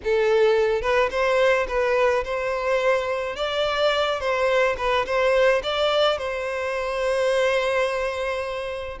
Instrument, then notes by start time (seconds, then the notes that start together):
violin
0.04 A4
0.81 B4
1.11 C5
1.68 B4
2.24 C5
3.36 D5
4.20 C5
4.77 B4
5.06 C5
5.63 D5
6.18 C5